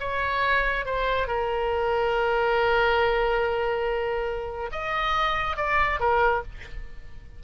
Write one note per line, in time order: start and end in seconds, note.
0.00 0.86 C#5
0.86 1.28 C5
1.28 4.70 A#4
4.72 5.57 D#5
5.57 6.00 D5
6.00 6.43 A#4